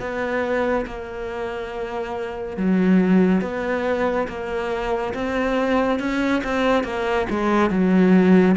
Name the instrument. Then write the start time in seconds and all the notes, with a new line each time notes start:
cello
0.00 B3
0.86 A#3
2.57 F#3
3.42 B3
4.28 A#3
5.14 C4
6.00 C#4
6.44 C4
6.84 A#3
7.30 G#3
7.70 F#3